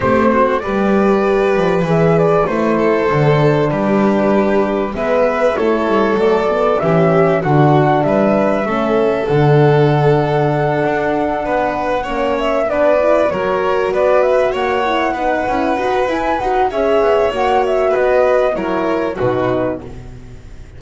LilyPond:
<<
  \new Staff \with { instrumentName = "flute" } { \time 4/4 \tempo 4 = 97 c''4 d''2 e''8 d''8 | c''2 b'2 | e''4 cis''4 d''4 e''4 | fis''4 e''2 fis''4~ |
fis''1 | e''8 d''4 cis''4 d''8 e''8 fis''8~ | fis''2 gis''8 fis''8 e''4 | fis''8 e''8 dis''4 cis''4 b'4 | }
  \new Staff \with { instrumentName = "violin" } { \time 4/4 g'8 fis'8 b'2.~ | b'8 a'4. g'2 | b'4 a'2 g'4 | fis'4 b'4 a'2~ |
a'2~ a'8 b'4 cis''8~ | cis''8 b'4 ais'4 b'4 cis''8~ | cis''8 b'2~ b'8 cis''4~ | cis''4 b'4 ais'4 fis'4 | }
  \new Staff \with { instrumentName = "horn" } { \time 4/4 c'4 g'2 gis'4 | e'4 d'2. | b4 e'4 a8 b8 cis'4 | d'2 cis'4 d'4~ |
d'2.~ d'8 cis'8~ | cis'8 d'8 e'8 fis'2~ fis'8 | e'8 dis'8 e'8 fis'8 e'8 fis'8 gis'4 | fis'2 e'4 dis'4 | }
  \new Staff \with { instrumentName = "double bass" } { \time 4/4 a4 g4. f8 e4 | a4 d4 g2 | gis4 a8 g8 fis4 e4 | d4 g4 a4 d4~ |
d4. d'4 b4 ais8~ | ais8 b4 fis4 b4 ais8~ | ais8 b8 cis'8 dis'8 e'8 dis'8 cis'8 b8 | ais4 b4 fis4 b,4 | }
>>